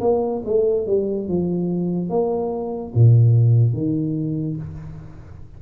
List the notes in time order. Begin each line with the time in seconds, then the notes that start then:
0.00 A#3
0.45 A3
0.86 G3
1.28 F3
2.09 A#3
2.95 A#2
3.73 D#3